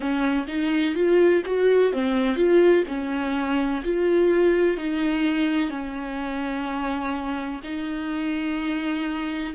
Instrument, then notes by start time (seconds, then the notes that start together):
viola
0.00 C#4
0.47 D#4
0.94 F4
1.45 F#4
1.93 C4
2.35 F4
2.88 C#4
3.84 F4
4.77 D#4
5.70 C#4
7.63 D#4